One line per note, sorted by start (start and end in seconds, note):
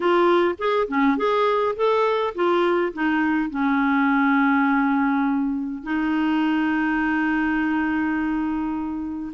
0.00 0.55 F4
0.58 0.87 G#4
0.87 1.17 C#4
1.17 1.75 G#4
1.76 2.34 A4
2.34 2.93 F4
2.93 3.50 D#4
3.50 5.83 C#4
5.83 9.32 D#4